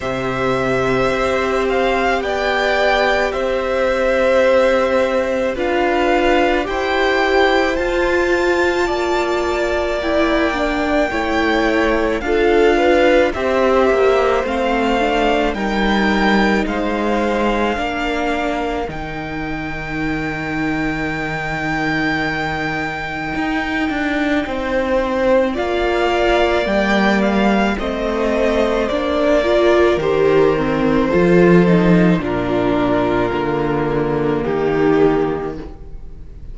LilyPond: <<
  \new Staff \with { instrumentName = "violin" } { \time 4/4 \tempo 4 = 54 e''4. f''8 g''4 e''4~ | e''4 f''4 g''4 a''4~ | a''4 g''2 f''4 | e''4 f''4 g''4 f''4~ |
f''4 g''2.~ | g''2. f''4 | g''8 f''8 dis''4 d''4 c''4~ | c''4 ais'2 g'4 | }
  \new Staff \with { instrumentName = "violin" } { \time 4/4 c''2 d''4 c''4~ | c''4 b'4 c''2 | d''2 cis''4 a'8 b'8 | c''2 ais'4 c''4 |
ais'1~ | ais'2 c''4 d''4~ | d''4 c''4. ais'4. | a'4 f'2 dis'4 | }
  \new Staff \with { instrumentName = "viola" } { \time 4/4 g'1~ | g'4 f'4 g'4 f'4~ | f'4 e'8 d'8 e'4 f'4 | g'4 c'8 d'8 dis'2 |
d'4 dis'2.~ | dis'2. f'4 | ais4 c'4 d'8 f'8 g'8 c'8 | f'8 dis'8 d'4 ais2 | }
  \new Staff \with { instrumentName = "cello" } { \time 4/4 c4 c'4 b4 c'4~ | c'4 d'4 e'4 f'4 | ais2 a4 d'4 | c'8 ais8 a4 g4 gis4 |
ais4 dis2.~ | dis4 dis'8 d'8 c'4 ais4 | g4 a4 ais4 dis4 | f4 ais,4 d4 dis4 | }
>>